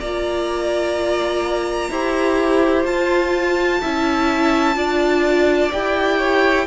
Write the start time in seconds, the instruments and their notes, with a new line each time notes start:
0.00 cello A#3, viola F4, violin D5 A#5
1.89 cello E4, viola G4, violin C5
2.85 cello F4, viola F4, violin A5
3.81 cello C#4, viola E4, violin E5
4.75 cello D4, viola F4, violin D5
5.72 cello E4, viola G4, violin G5
6.18 violin C#5